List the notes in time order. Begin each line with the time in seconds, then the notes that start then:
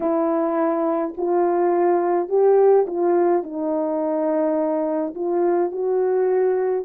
0.00 E4
1.17 F4
2.29 G4
2.86 F4
3.43 D#4
5.15 F4
5.71 F#4